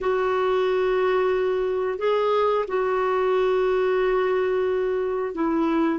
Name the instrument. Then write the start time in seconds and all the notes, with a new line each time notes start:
clarinet
0.01 F#4
1.98 G#4
2.67 F#4
5.34 E4